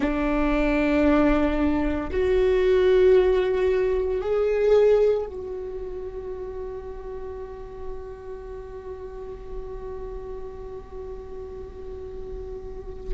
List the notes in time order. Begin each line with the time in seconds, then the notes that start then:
0.00 D4
2.11 F#4
4.21 G#4
5.26 F#4